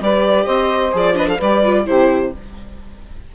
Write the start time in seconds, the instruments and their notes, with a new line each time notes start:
0.00 bassoon G3, viola G4, saxophone B4, violin D5
0.45 bassoon C4, saxophone C5, violin D#5
0.91 bassoon F3, viola G#4, violin D5
1.14 viola D4, saxophone B4, violin D#5
1.27 saxophone A4, violin F5
1.37 bassoon G3, saxophone B4, violin D5
1.43 viola G4
1.63 viola F4
1.85 bassoon C3, viola E4, saxophone G4, violin C5